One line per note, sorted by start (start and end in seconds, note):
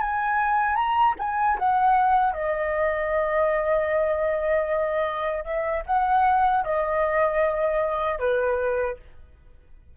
0.00 0.75 G#5
0.75 1.14 A#5
1.19 1.58 G#5
1.59 2.33 F#5
2.33 5.44 D#5
5.44 5.83 E5
5.86 6.64 F#5
6.64 8.19 D#5
8.19 8.97 B4